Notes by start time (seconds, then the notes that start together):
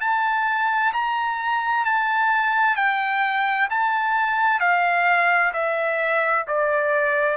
0.00 A5
0.93 A#5
1.85 A5
2.76 G5
3.70 A5
4.60 F5
5.53 E5
6.47 D5